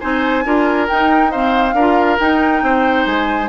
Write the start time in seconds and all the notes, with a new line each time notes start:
0.00 C4 D#4 C5 G#5
0.45 D4 F4 A#4
0.88 D#4 G5
1.31 C4 C5 F5
1.74 D4 F4 A#4
2.19 D#4 G5
2.62 C4 C5
3.06 G#3 G#5